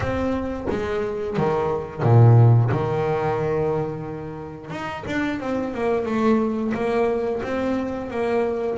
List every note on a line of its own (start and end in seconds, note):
0.00 0.66 C4
0.70 1.37 G#3
1.37 2.02 D#3
2.02 2.70 A#2
2.71 4.70 D#3
4.70 5.03 D#4
5.06 5.40 D4
5.40 5.73 C4
5.74 6.05 A#3
6.05 6.72 A3
6.74 7.41 A#3
7.42 8.10 C4
8.10 8.78 A#3